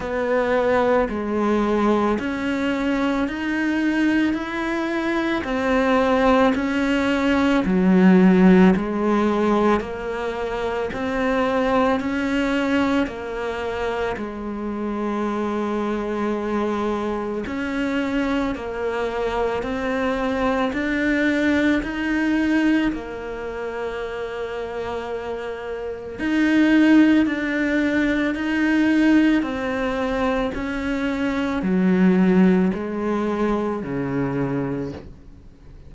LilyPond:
\new Staff \with { instrumentName = "cello" } { \time 4/4 \tempo 4 = 55 b4 gis4 cis'4 dis'4 | e'4 c'4 cis'4 fis4 | gis4 ais4 c'4 cis'4 | ais4 gis2. |
cis'4 ais4 c'4 d'4 | dis'4 ais2. | dis'4 d'4 dis'4 c'4 | cis'4 fis4 gis4 cis4 | }